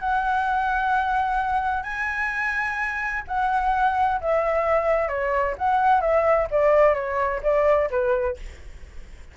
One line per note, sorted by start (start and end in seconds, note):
0.00 1.84 F#5
1.84 3.23 G#5
3.28 4.21 F#5
4.21 5.08 E5
5.08 5.55 C#5
5.58 6.01 F#5
6.01 6.48 E5
6.51 6.95 D5
6.95 7.41 C#5
7.43 7.90 D5
7.91 8.37 B4